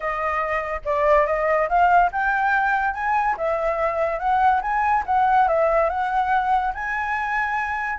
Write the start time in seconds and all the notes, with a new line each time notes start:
0.00 D#5
0.84 D5
1.26 D#5
1.68 F5
2.12 G5
2.94 G#5
3.37 E5
4.19 F#5
4.61 G#5
5.06 F#5
5.48 E5
5.89 F#5
6.73 G#5